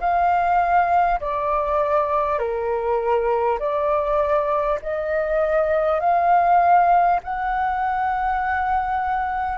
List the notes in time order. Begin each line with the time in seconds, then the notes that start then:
0.00 F5
1.20 D5
2.38 A#4
3.59 D5
4.82 D#5
6.00 F5
7.23 F#5